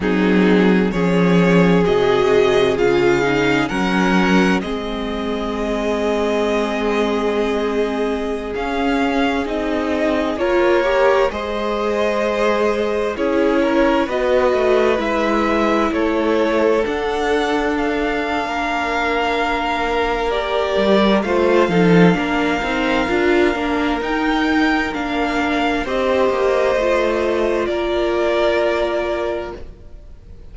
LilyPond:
<<
  \new Staff \with { instrumentName = "violin" } { \time 4/4 \tempo 4 = 65 gis'4 cis''4 dis''4 f''4 | fis''4 dis''2.~ | dis''4~ dis''16 f''4 dis''4 cis''8.~ | cis''16 dis''2 cis''4 dis''8.~ |
dis''16 e''4 cis''4 fis''4 f''8.~ | f''2 d''4 f''4~ | f''2 g''4 f''4 | dis''2 d''2 | }
  \new Staff \with { instrumentName = "violin" } { \time 4/4 dis'4 gis'2. | ais'4 gis'2.~ | gis'2.~ gis'16 ais'8.~ | ais'16 c''2 gis'8 ais'8 b'8.~ |
b'4~ b'16 a'2~ a'8. | ais'2. c''8 a'8 | ais'1 | c''2 ais'2 | }
  \new Staff \with { instrumentName = "viola" } { \time 4/4 c'4 cis'4 fis'4 f'8 dis'8 | cis'4 c'2.~ | c'4~ c'16 cis'4 dis'4 f'8 g'16~ | g'16 gis'2 e'4 fis'8.~ |
fis'16 e'2 d'4.~ d'16~ | d'2 g'4 f'8 dis'8 | d'8 dis'8 f'8 d'8 dis'4 d'4 | g'4 f'2. | }
  \new Staff \with { instrumentName = "cello" } { \time 4/4 fis4 f4 c4 cis4 | fis4 gis2.~ | gis4~ gis16 cis'4 c'4 ais8.~ | ais16 gis2 cis'4 b8 a16~ |
a16 gis4 a4 d'4.~ d'16 | ais2~ ais8 g8 a8 f8 | ais8 c'8 d'8 ais8 dis'4 ais4 | c'8 ais8 a4 ais2 | }
>>